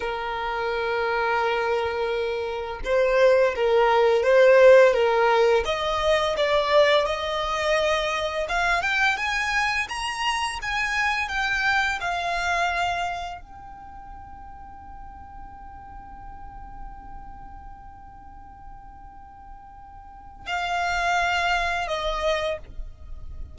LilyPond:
\new Staff \with { instrumentName = "violin" } { \time 4/4 \tempo 4 = 85 ais'1 | c''4 ais'4 c''4 ais'4 | dis''4 d''4 dis''2 | f''8 g''8 gis''4 ais''4 gis''4 |
g''4 f''2 g''4~ | g''1~ | g''1~ | g''4 f''2 dis''4 | }